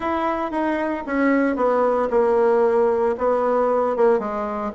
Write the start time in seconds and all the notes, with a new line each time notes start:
0.00 E4
0.51 D#4
1.06 C#4
1.56 B3
2.10 A#3
3.18 B3
3.96 A#3
4.19 G#3